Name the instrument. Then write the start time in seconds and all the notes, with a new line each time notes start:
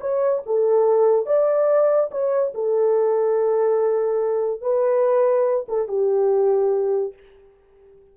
horn
0.00 C#5
0.46 A4
1.25 D5
2.11 C#5
2.54 A4
4.61 B4
5.68 A4
5.87 G4